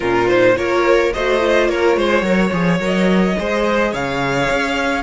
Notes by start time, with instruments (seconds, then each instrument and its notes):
0.00 cello A#2, viola C#4, violin F4 A#4
0.28 viola D#4, violin C5
0.56 cello A#3, viola F4, violin A#4 C#5
1.13 cello A3, viola F#4, violin C5 D#5
1.39 viola F4
1.68 cello A#3, violin A#4 C#5
1.96 cello G#3, violin C5
2.22 cello F#3, viola A#4, violin C#5
2.51 cello F3, viola G#4
2.79 cello F#3, viola A#4, violin D#5
3.38 cello G#3, viola G#4, violin C5
3.91 cello C#3, violin C#5 F5
4.50 cello C#4